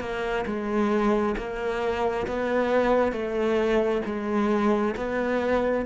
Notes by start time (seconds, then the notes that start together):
0.00 A#3
0.46 G#3
1.37 A#3
2.27 B3
3.12 A3
4.05 G#3
4.96 B3